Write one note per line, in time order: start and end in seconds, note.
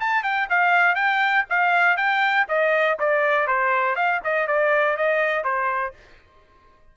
0.00 0.23 A5
0.23 0.48 G5
0.49 0.95 F5
0.95 1.45 G5
1.50 1.97 F5
1.97 2.46 G5
2.48 2.98 D#5
2.99 3.47 D5
3.47 3.95 C5
3.95 4.20 F5
4.24 4.47 D#5
4.47 4.97 D5
4.97 5.44 D#5
5.44 5.93 C5